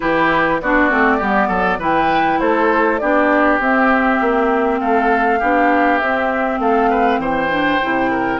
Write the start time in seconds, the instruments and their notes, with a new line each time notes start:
0.00 bassoon E3, clarinet E4, oboe G4, flute B4
0.61 bassoon B3, clarinet D4, oboe F#4, flute D5
0.90 bassoon A3, clarinet C4
1.17 bassoon G3, clarinet B3, oboe G4
1.48 bassoon F#3, oboe A4
1.78 bassoon E3, clarinet E4, oboe B4, flute G5
2.39 bassoon A3, oboe A4, flute C5
2.98 bassoon B3, clarinet D4, oboe G4, flute D5
3.59 bassoon C4, clarinet C4, flute E5
4.20 bassoon A#3
4.80 bassoon A3, oboe A4, flute F5
5.39 bassoon B3, clarinet D4, oboe G4
5.98 bassoon C4, clarinet C4, flute E5
6.58 bassoon A3, oboe A4, flute F5
6.90 oboe B4
7.18 bassoon E3, oboe C5, flute G5
7.50 clarinet D4
7.82 bassoon C3, clarinet E4
8.10 oboe A#4